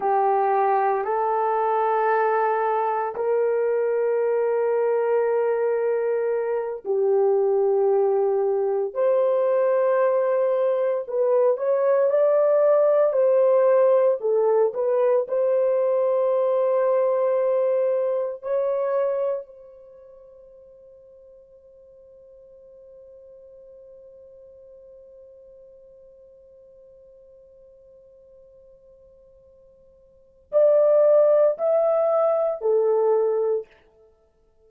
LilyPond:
\new Staff \with { instrumentName = "horn" } { \time 4/4 \tempo 4 = 57 g'4 a'2 ais'4~ | ais'2~ ais'8 g'4.~ | g'8 c''2 b'8 cis''8 d''8~ | d''8 c''4 a'8 b'8 c''4.~ |
c''4. cis''4 c''4.~ | c''1~ | c''1~ | c''4 d''4 e''4 a'4 | }